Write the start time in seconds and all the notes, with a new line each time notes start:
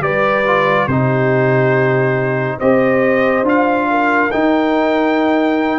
0.00 G3 G4 B4 D5
0.47 F4
0.87 C3 D#4 G4 C5
2.58 C4 G4 C5 D#5
3.43 D4 F4 F5
3.90 A#4
4.31 D#4 G5